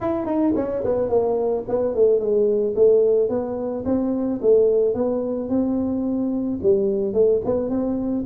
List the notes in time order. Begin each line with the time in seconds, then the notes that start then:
0.00 E4
0.26 D#4
0.55 C#4
0.84 B3
1.09 A#3
1.68 B3
1.94 A3
2.19 G#3
2.75 A3
3.29 B3
3.85 C4
4.41 A3
4.94 B3
5.49 C4
6.62 G3
7.13 A3
7.44 B3
7.69 C4